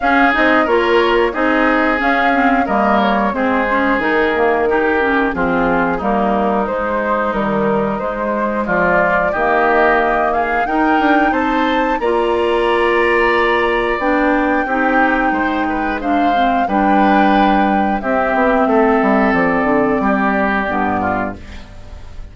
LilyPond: <<
  \new Staff \with { instrumentName = "flute" } { \time 4/4 \tempo 4 = 90 f''8 dis''8 cis''4 dis''4 f''4 | dis''8 cis''8 c''4 ais'2 | gis'4 ais'4 c''4 ais'4 | c''4 d''4 dis''4. f''8 |
g''4 a''4 ais''2~ | ais''4 g''2. | f''4 g''2 e''4~ | e''4 d''2. | }
  \new Staff \with { instrumentName = "oboe" } { \time 4/4 gis'4 ais'4 gis'2 | ais'4 gis'2 g'4 | f'4 dis'2.~ | dis'4 f'4 g'4. gis'8 |
ais'4 c''4 d''2~ | d''2 g'4 c''8 b'8 | c''4 b'2 g'4 | a'2 g'4. f'8 | }
  \new Staff \with { instrumentName = "clarinet" } { \time 4/4 cis'8 dis'8 f'4 dis'4 cis'8 c'8 | ais4 c'8 cis'8 dis'8 ais8 dis'8 cis'8 | c'4 ais4 gis4 dis4 | gis2 ais2 |
dis'2 f'2~ | f'4 d'4 dis'2 | d'8 c'8 d'2 c'4~ | c'2. b4 | }
  \new Staff \with { instrumentName = "bassoon" } { \time 4/4 cis'8 c'8 ais4 c'4 cis'4 | g4 gis4 dis2 | f4 g4 gis4 g4 | gis4 f4 dis2 |
dis'8 d'8 c'4 ais2~ | ais4 b4 c'4 gis4~ | gis4 g2 c'8 b8 | a8 g8 f8 d8 g4 g,4 | }
>>